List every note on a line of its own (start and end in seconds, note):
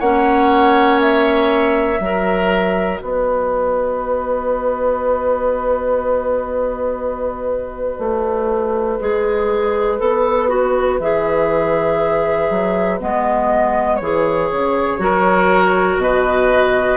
0.00 2.00 A#3
0.00 1.98 C#4
0.00 2.00 C#5
0.00 1.00 F#5
1.01 2.99 E5
1.98 3.00 F#3
1.98 8.98 F#4
2.05 3.02 A#4
2.99 7.99 B3
2.99 15.02 B4
2.99 10.99 D#5
7.99 8.99 A3
9.00 10.00 G#3
9.00 9.99 G#4
9.99 11.00 B3
9.99 10.49 A4
10.49 10.99 F#4
11.00 12.50 E3
11.00 13.00 G#4
11.00 13.00 E5
12.50 13.00 F#3
13.00 14.01 G#3
13.00 14.00 B3
13.00 13.96 D#5
13.96 14.51 E3
13.96 15.96 C#5
14.03 14.99 G#4
14.51 14.99 C#3
14.99 15.97 F#3
14.99 16.97 F#4
14.99 16.02 A#4
15.97 16.97 B2
15.97 16.97 B4
15.97 16.97 D#5